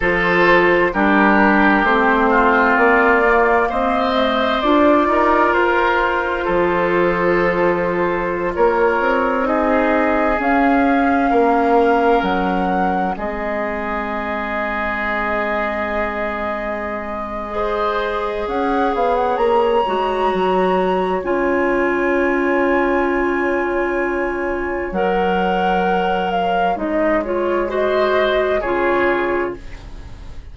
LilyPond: <<
  \new Staff \with { instrumentName = "flute" } { \time 4/4 \tempo 4 = 65 c''4 ais'4 c''4 d''4 | dis''4 d''4 c''2~ | c''4~ c''16 cis''4 dis''4 f''8.~ | f''4~ f''16 fis''4 dis''4.~ dis''16~ |
dis''1 | fis''8 f''16 fis''16 ais''2 gis''4~ | gis''2. fis''4~ | fis''8 f''8 dis''8 cis''8 dis''4 cis''4 | }
  \new Staff \with { instrumentName = "oboe" } { \time 4/4 a'4 g'4. f'4. | c''4. ais'4. a'4~ | a'4~ a'16 ais'4 gis'4.~ gis'16~ | gis'16 ais'2 gis'4.~ gis'16~ |
gis'2. c''4 | cis''1~ | cis''1~ | cis''2 c''4 gis'4 | }
  \new Staff \with { instrumentName = "clarinet" } { \time 4/4 f'4 d'4 c'4. ais8~ | ais8 a8 f'2.~ | f'2~ f'16 dis'4 cis'8.~ | cis'2~ cis'16 c'4.~ c'16~ |
c'2. gis'4~ | gis'4. fis'4. f'4~ | f'2. ais'4~ | ais'4 dis'8 f'8 fis'4 f'4 | }
  \new Staff \with { instrumentName = "bassoon" } { \time 4/4 f4 g4 a4 ais4 | c'4 d'8 dis'8 f'4 f4~ | f4~ f16 ais8 c'4. cis'8.~ | cis'16 ais4 fis4 gis4.~ gis16~ |
gis1 | cis'8 b8 ais8 gis8 fis4 cis'4~ | cis'2. fis4~ | fis4 gis2 cis4 | }
>>